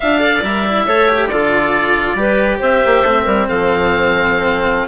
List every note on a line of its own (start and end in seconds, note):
0.00 0.42 D4
0.00 0.18 F4
0.00 0.20 E5
0.00 0.43 F5
0.18 0.40 A4
0.18 0.85 D5
0.42 0.86 G3
0.42 0.65 A#4
0.42 1.28 E5
0.65 0.87 E4
0.86 1.29 A3
0.86 1.08 A4
0.86 1.30 C#5
1.08 1.30 G4
1.28 2.14 D3
1.28 2.17 F4
1.28 2.17 A4
1.28 2.58 D5
2.14 2.58 G3
2.14 3.04 G4
2.14 2.59 B4
2.59 2.83 C4
2.59 3.24 C5
2.59 3.48 E5
2.85 3.03 A#3
3.03 3.25 A3
3.03 4.87 C4
3.24 3.47 G3
3.24 3.46 A#4
3.48 4.87 F3
3.48 4.87 A4
3.48 4.87 F5